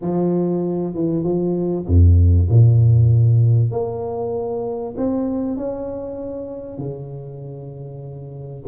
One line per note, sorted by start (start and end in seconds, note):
0.01 0.94 F3
0.94 1.23 E3
1.23 1.85 F3
1.86 2.48 F2
2.49 3.71 A#2
3.71 4.95 A#3
4.97 5.56 C4
5.56 6.78 C#4
6.78 8.63 C#3